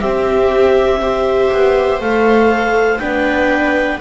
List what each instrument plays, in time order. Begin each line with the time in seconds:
0.00 double bass C4, viola C4 G4, clarinet E5
1.01 viola G4 C5
1.52 double bass B3
2.00 double bass A3, viola A4, clarinet F5
2.98 double bass B3, viola D4 B4, clarinet G5